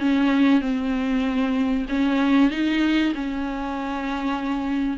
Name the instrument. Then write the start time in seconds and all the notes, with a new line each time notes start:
viola
0.00 C#4
0.61 C4
1.89 C#4
2.51 D#4
3.15 C#4